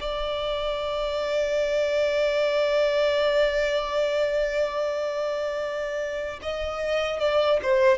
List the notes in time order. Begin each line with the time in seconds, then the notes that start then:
0.00 D5
6.43 D#5
7.20 D5
7.63 C5